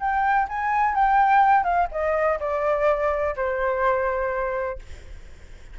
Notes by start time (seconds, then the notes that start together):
0.00 G5
0.48 G#5
0.95 G5
1.64 F5
1.92 D#5
2.40 D5
3.36 C5